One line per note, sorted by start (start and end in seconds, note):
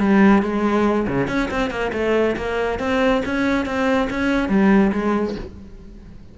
0.00 0.43 G3
0.43 1.07 G#3
1.08 1.28 C#3
1.28 1.49 C#4
1.51 1.70 C4
1.70 1.92 A#3
1.93 2.36 A3
2.37 2.80 A#3
2.80 3.23 C4
3.26 3.66 C#4
3.66 4.09 C4
4.10 4.49 C#4
4.49 4.92 G3
4.92 5.35 G#3